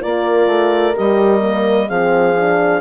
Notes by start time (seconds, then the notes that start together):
0.00 A#3 F4 A#4 D5
0.47 A3
0.94 G3 G4 D#5
1.40 A#3
1.88 F3 C4 G#4 F5
2.36 D4